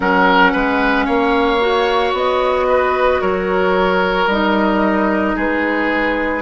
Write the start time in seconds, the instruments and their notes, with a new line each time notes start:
0.00 bassoon F#3, clarinet C#4, oboe A#4, flute F#5
0.52 bassoon G#3, oboe B4
1.05 bassoon A#3, oboe C#5, flute F5
1.60 clarinet F#4
2.12 bassoon B3, flute D#5
2.68 oboe B4
3.21 bassoon F#3, oboe A#4, flute C#5
4.26 bassoon G3, clarinet D#4, flute D#5
5.35 bassoon G#3, oboe G#4, flute B4